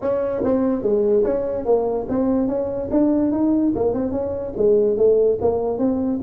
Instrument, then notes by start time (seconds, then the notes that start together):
tuba
0.01 C#4
0.43 C4
0.82 G#3
1.24 C#4
1.65 A#3
2.08 C4
2.47 C#4
2.90 D4
3.31 D#4
3.75 A#3
3.93 C4
4.11 C#4
4.56 G#3
4.97 A3
5.41 A#3
5.78 C4